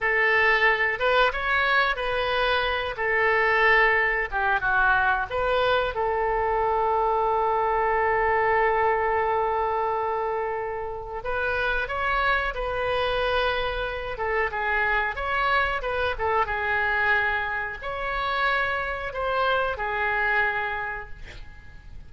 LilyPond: \new Staff \with { instrumentName = "oboe" } { \time 4/4 \tempo 4 = 91 a'4. b'8 cis''4 b'4~ | b'8 a'2 g'8 fis'4 | b'4 a'2.~ | a'1~ |
a'4 b'4 cis''4 b'4~ | b'4. a'8 gis'4 cis''4 | b'8 a'8 gis'2 cis''4~ | cis''4 c''4 gis'2 | }